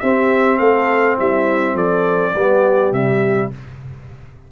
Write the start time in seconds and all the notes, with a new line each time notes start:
0.00 C4 G4 E5
0.58 A3 A4 F5
1.18 G3 E4 E5
1.74 F3 A4 D5
2.33 G3 B3 G4
2.92 C3 G3 E5